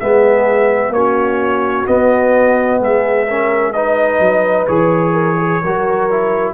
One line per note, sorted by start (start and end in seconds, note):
0.00 0.90 G#3
0.00 0.95 B3
0.00 0.94 G#4
0.00 0.93 E5
0.90 1.83 A#3
0.90 1.87 C#4
0.90 2.81 F#4
0.90 1.87 C#5
1.87 3.27 B3
1.87 2.80 B3
1.87 2.81 D#5
2.80 4.20 G#3
2.80 3.28 G#4
2.80 3.73 E5
3.28 3.74 C#4
3.28 3.74 A#4
3.73 4.69 D#4
3.73 5.13 B4
3.73 4.66 D#5
4.20 4.66 F#3
4.67 5.63 E3
4.67 5.62 G#4
4.67 6.54 C#5
5.13 5.37 A#4
5.40 5.63 G#4
5.63 6.54 F#3
5.63 6.11 F#4
5.63 6.54 A#4
6.11 6.54 E4